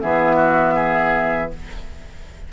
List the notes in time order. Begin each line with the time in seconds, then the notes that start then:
0.00 E3 B3 G#4 E5
0.36 F#4
0.75 G#4